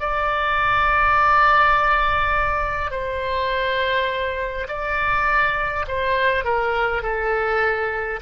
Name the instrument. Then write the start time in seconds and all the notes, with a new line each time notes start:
oboe
0.00 D5
2.91 C5
4.68 D5
5.88 C5
6.44 A#4
7.02 A4